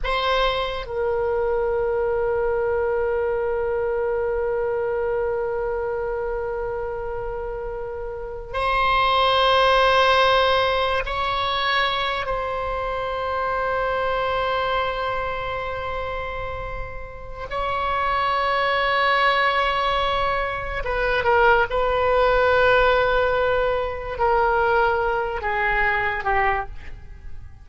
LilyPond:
\new Staff \with { instrumentName = "oboe" } { \time 4/4 \tempo 4 = 72 c''4 ais'2.~ | ais'1~ | ais'2~ ais'16 c''4.~ c''16~ | c''4~ c''16 cis''4. c''4~ c''16~ |
c''1~ | c''4 cis''2.~ | cis''4 b'8 ais'8 b'2~ | b'4 ais'4. gis'4 g'8 | }